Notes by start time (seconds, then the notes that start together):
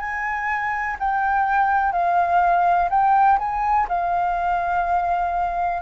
0.00 G#5
1.00 G5
1.92 F5
2.90 G5
3.39 G#5
3.88 F5